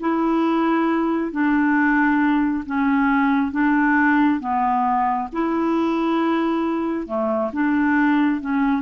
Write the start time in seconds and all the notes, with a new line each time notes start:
0.00 E4
1.32 D4
2.66 C#4
3.52 D4
4.40 B3
5.32 E4
7.07 A3
7.52 D4
8.41 C#4